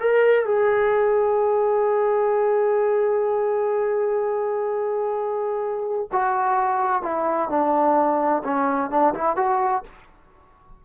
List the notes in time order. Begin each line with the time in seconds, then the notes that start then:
0.00 A#4
0.46 G#4
6.12 F#4
7.02 E4
7.49 D4
8.44 C#4
8.91 D4
9.14 E4
9.36 F#4